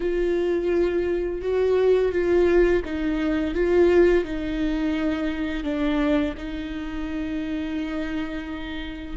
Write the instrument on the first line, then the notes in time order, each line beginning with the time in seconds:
viola
0.00 F4
1.41 F#4
2.11 F4
2.84 D#4
3.54 F4
4.24 D#4
5.63 D4
6.37 D#4